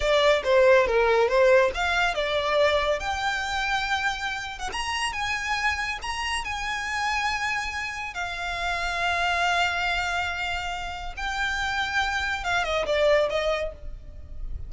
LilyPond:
\new Staff \with { instrumentName = "violin" } { \time 4/4 \tempo 4 = 140 d''4 c''4 ais'4 c''4 | f''4 d''2 g''4~ | g''2~ g''8. fis''16 ais''4 | gis''2 ais''4 gis''4~ |
gis''2. f''4~ | f''1~ | f''2 g''2~ | g''4 f''8 dis''8 d''4 dis''4 | }